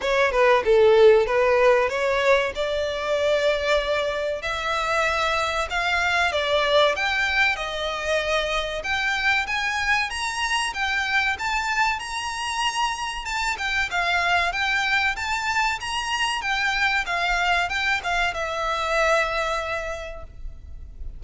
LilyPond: \new Staff \with { instrumentName = "violin" } { \time 4/4 \tempo 4 = 95 cis''8 b'8 a'4 b'4 cis''4 | d''2. e''4~ | e''4 f''4 d''4 g''4 | dis''2 g''4 gis''4 |
ais''4 g''4 a''4 ais''4~ | ais''4 a''8 g''8 f''4 g''4 | a''4 ais''4 g''4 f''4 | g''8 f''8 e''2. | }